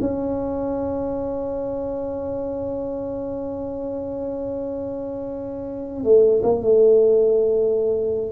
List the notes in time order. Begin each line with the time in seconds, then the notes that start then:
0.00 C#4
6.04 A3
6.43 A#3
6.62 A3